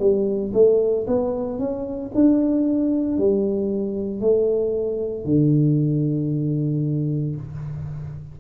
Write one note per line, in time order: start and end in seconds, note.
0.00 0.53 G3
0.54 1.07 A3
1.07 1.59 B3
1.59 2.12 C#4
2.15 3.18 D4
3.18 4.21 G3
4.21 5.25 A3
5.25 7.36 D3